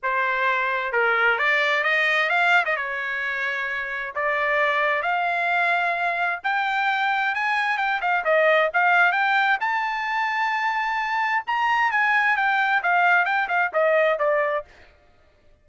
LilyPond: \new Staff \with { instrumentName = "trumpet" } { \time 4/4 \tempo 4 = 131 c''2 ais'4 d''4 | dis''4 f''8. dis''16 cis''2~ | cis''4 d''2 f''4~ | f''2 g''2 |
gis''4 g''8 f''8 dis''4 f''4 | g''4 a''2.~ | a''4 ais''4 gis''4 g''4 | f''4 g''8 f''8 dis''4 d''4 | }